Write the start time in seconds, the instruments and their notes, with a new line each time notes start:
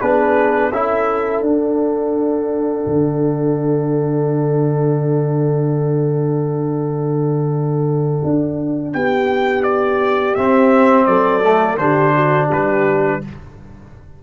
0.00 tuba B3, trombone D4, horn G#4, trumpet B4
0.71 tuba C#4, trombone E4, horn A4, trumpet E5
1.41 tuba D4, trombone D4, trumpet F#5
2.86 tuba D3
8.24 tuba D4
8.93 tuba B3, horn G4, trumpet G5
9.63 trumpet D5
10.34 tuba C4, trombone C4, trumpet E5
11.05 tuba F#3, horn A4, trumpet D5
11.43 trombone A3
11.77 tuba D3, trombone D4, horn G4, trumpet C5
12.15 horn F#4
12.48 tuba G3, horn G4, trumpet B4